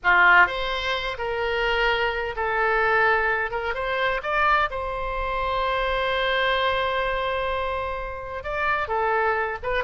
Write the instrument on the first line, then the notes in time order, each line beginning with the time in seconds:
oboe
0.03 F4
0.46 C5
1.18 A#4
2.36 A4
3.50 A#4
3.74 C5
4.23 D5
4.70 C5
8.43 D5
8.87 A4
9.62 B4